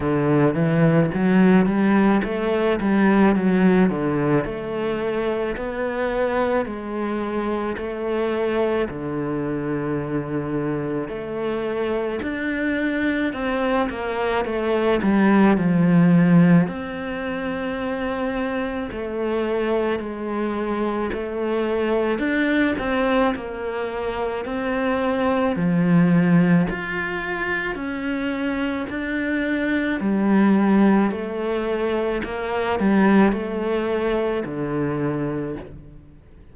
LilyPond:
\new Staff \with { instrumentName = "cello" } { \time 4/4 \tempo 4 = 54 d8 e8 fis8 g8 a8 g8 fis8 d8 | a4 b4 gis4 a4 | d2 a4 d'4 | c'8 ais8 a8 g8 f4 c'4~ |
c'4 a4 gis4 a4 | d'8 c'8 ais4 c'4 f4 | f'4 cis'4 d'4 g4 | a4 ais8 g8 a4 d4 | }